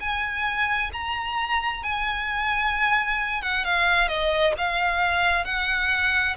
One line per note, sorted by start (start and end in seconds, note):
0.00 0.91 G#5
0.93 1.83 A#5
1.83 3.42 G#5
3.42 3.64 F#5
3.64 4.08 F5
4.08 4.54 D#5
4.58 5.45 F5
5.45 6.36 F#5